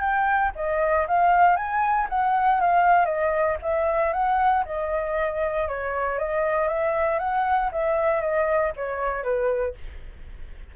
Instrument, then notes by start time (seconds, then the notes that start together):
flute
0.00 G5
0.55 D#5
1.07 F5
1.56 G#5
2.09 F#5
2.61 F5
3.06 D#5
3.62 E5
4.13 F#5
4.65 D#5
5.68 C#5
6.19 D#5
6.68 E5
7.19 F#5
7.72 E5
8.21 D#5
8.76 C#5
9.24 B4